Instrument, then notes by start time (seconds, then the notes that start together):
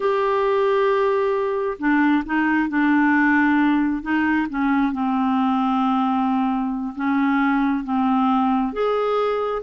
clarinet
0.00 G4
1.78 D4
2.25 D#4
2.69 D4
4.02 D#4
4.49 C#4
4.92 C4
6.95 C#4
7.84 C4
8.73 G#4